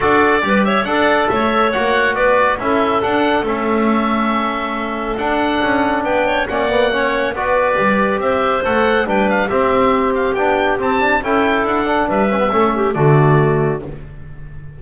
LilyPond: <<
  \new Staff \with { instrumentName = "oboe" } { \time 4/4 \tempo 4 = 139 d''4. e''8 fis''4 e''4 | fis''4 d''4 e''4 fis''4 | e''1 | fis''2 g''4 fis''4~ |
fis''4 d''2 e''4 | fis''4 g''8 f''8 e''4. f''8 | g''4 a''4 g''4 fis''4 | e''2 d''2 | }
  \new Staff \with { instrumentName = "clarinet" } { \time 4/4 a'4 b'8 cis''8 d''4 cis''4~ | cis''4 b'4 a'2~ | a'1~ | a'2 b'8 cis''8 d''4 |
cis''4 b'2 c''4~ | c''4 b'4 g'2~ | g'2 a'2 | b'4 a'8 g'8 fis'2 | }
  \new Staff \with { instrumentName = "trombone" } { \time 4/4 fis'4 g'4 a'2 | fis'2 e'4 d'4 | cis'1 | d'2. cis'8 b8 |
cis'4 fis'4 g'2 | a'4 d'4 c'2 | d'4 c'8 d'8 e'4. d'8~ | d'8 cis'16 b16 cis'4 a2 | }
  \new Staff \with { instrumentName = "double bass" } { \time 4/4 d'4 g4 d'4 a4 | ais4 b4 cis'4 d'4 | a1 | d'4 cis'4 b4 ais4~ |
ais4 b4 g4 c'4 | a4 g4 c'2 | b4 c'4 cis'4 d'4 | g4 a4 d2 | }
>>